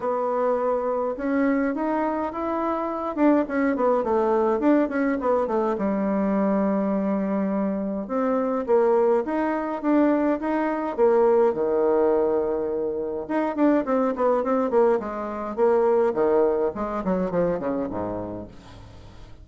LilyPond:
\new Staff \with { instrumentName = "bassoon" } { \time 4/4 \tempo 4 = 104 b2 cis'4 dis'4 | e'4. d'8 cis'8 b8 a4 | d'8 cis'8 b8 a8 g2~ | g2 c'4 ais4 |
dis'4 d'4 dis'4 ais4 | dis2. dis'8 d'8 | c'8 b8 c'8 ais8 gis4 ais4 | dis4 gis8 fis8 f8 cis8 gis,4 | }